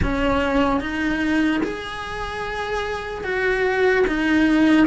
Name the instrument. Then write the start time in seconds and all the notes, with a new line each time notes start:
cello
0.02 C#4
0.80 D#4
1.63 G#4
3.24 F#4
4.07 D#4